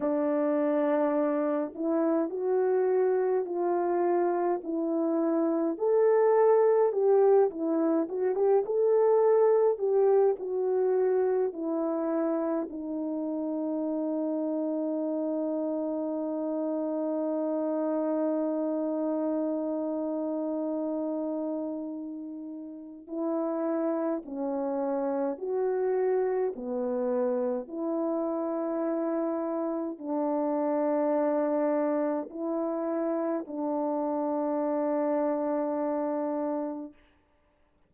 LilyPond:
\new Staff \with { instrumentName = "horn" } { \time 4/4 \tempo 4 = 52 d'4. e'8 fis'4 f'4 | e'4 a'4 g'8 e'8 fis'16 g'16 a'8~ | a'8 g'8 fis'4 e'4 dis'4~ | dis'1~ |
dis'1 | e'4 cis'4 fis'4 b4 | e'2 d'2 | e'4 d'2. | }